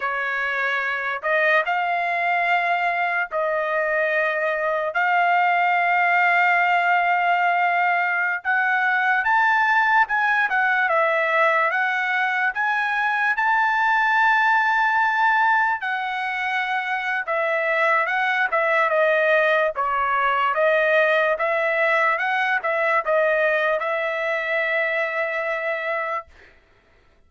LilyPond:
\new Staff \with { instrumentName = "trumpet" } { \time 4/4 \tempo 4 = 73 cis''4. dis''8 f''2 | dis''2 f''2~ | f''2~ f''16 fis''4 a''8.~ | a''16 gis''8 fis''8 e''4 fis''4 gis''8.~ |
gis''16 a''2. fis''8.~ | fis''4 e''4 fis''8 e''8 dis''4 | cis''4 dis''4 e''4 fis''8 e''8 | dis''4 e''2. | }